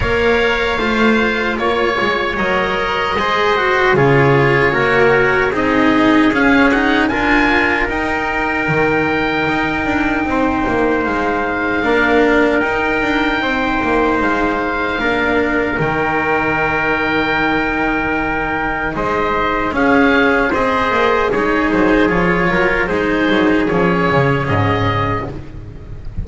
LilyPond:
<<
  \new Staff \with { instrumentName = "oboe" } { \time 4/4 \tempo 4 = 76 f''2 cis''4 dis''4~ | dis''4 cis''2 dis''4 | f''8 fis''8 gis''4 g''2~ | g''2 f''2 |
g''2 f''2 | g''1 | dis''4 f''4 dis''4 cis''8 c''8 | cis''4 c''4 cis''4 dis''4 | }
  \new Staff \with { instrumentName = "trumpet" } { \time 4/4 cis''4 c''4 cis''2 | c''4 gis'4 ais'4 gis'4~ | gis'4 ais'2.~ | ais'4 c''2 ais'4~ |
ais'4 c''2 ais'4~ | ais'1 | c''4 gis'4 c''4 gis'4~ | gis'8 ais'8 gis'2. | }
  \new Staff \with { instrumentName = "cello" } { \time 4/4 ais'4 f'2 ais'4 | gis'8 fis'8 f'4 fis'4 dis'4 | cis'8 dis'8 f'4 dis'2~ | dis'2. d'4 |
dis'2. d'4 | dis'1~ | dis'4 cis'4 gis'4 dis'4 | f'4 dis'4 cis'2 | }
  \new Staff \with { instrumentName = "double bass" } { \time 4/4 ais4 a4 ais8 gis8 fis4 | gis4 cis4 ais4 c'4 | cis'4 d'4 dis'4 dis4 | dis'8 d'8 c'8 ais8 gis4 ais4 |
dis'8 d'8 c'8 ais8 gis4 ais4 | dis1 | gis4 cis'4 c'8 ais8 gis8 fis8 | f8 fis8 gis8 fis8 f8 cis8 gis,4 | }
>>